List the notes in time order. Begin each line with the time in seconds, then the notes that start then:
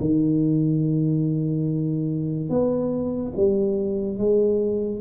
0.00 D#3
2.49 B3
3.36 G3
4.18 G#3